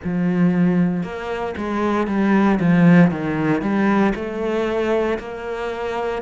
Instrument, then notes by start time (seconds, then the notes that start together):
cello
0.03 F3
1.03 A#3
1.57 G#3
2.07 G3
2.60 F3
3.10 D#3
3.61 G3
4.15 A3
5.18 A#3